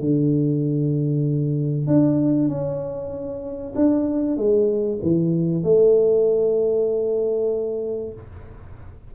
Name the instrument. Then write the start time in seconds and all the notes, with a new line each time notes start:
tuba
0.00 D3
1.86 D4
2.48 C#4
3.75 D4
4.37 G#3
5.02 E3
5.63 A3